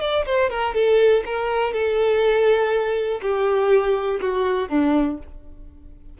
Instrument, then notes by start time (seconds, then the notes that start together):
violin
0.00 D5
0.25 C5
0.50 A#4
0.74 A4
1.25 A#4
1.73 A4
3.21 G4
4.20 F#4
4.69 D4